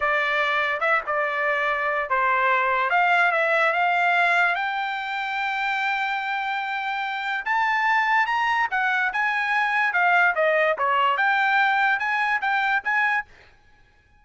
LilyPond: \new Staff \with { instrumentName = "trumpet" } { \time 4/4 \tempo 4 = 145 d''2 e''8 d''4.~ | d''4 c''2 f''4 | e''4 f''2 g''4~ | g''1~ |
g''2 a''2 | ais''4 fis''4 gis''2 | f''4 dis''4 cis''4 g''4~ | g''4 gis''4 g''4 gis''4 | }